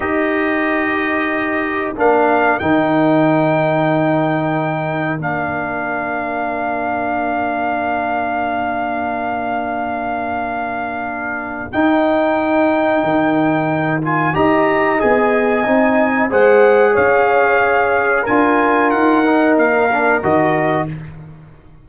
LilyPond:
<<
  \new Staff \with { instrumentName = "trumpet" } { \time 4/4 \tempo 4 = 92 dis''2. f''4 | g''1 | f''1~ | f''1~ |
f''2 g''2~ | g''4. gis''8 ais''4 gis''4~ | gis''4 fis''4 f''2 | gis''4 fis''4 f''4 dis''4 | }
  \new Staff \with { instrumentName = "horn" } { \time 4/4 ais'1~ | ais'1~ | ais'1~ | ais'1~ |
ais'1~ | ais'2 dis''2~ | dis''4 c''4 cis''2 | ais'1 | }
  \new Staff \with { instrumentName = "trombone" } { \time 4/4 g'2. d'4 | dis'1 | d'1~ | d'1~ |
d'2 dis'2~ | dis'4. f'8 g'4 gis'4 | dis'4 gis'2. | f'4. dis'4 d'8 fis'4 | }
  \new Staff \with { instrumentName = "tuba" } { \time 4/4 dis'2. ais4 | dis1 | ais1~ | ais1~ |
ais2 dis'2 | dis2 dis'4 b4 | c'4 gis4 cis'2 | d'4 dis'4 ais4 dis4 | }
>>